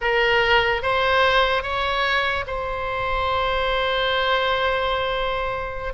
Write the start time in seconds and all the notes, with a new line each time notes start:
0.01 A#4
0.82 C5
1.62 C#5
2.46 C5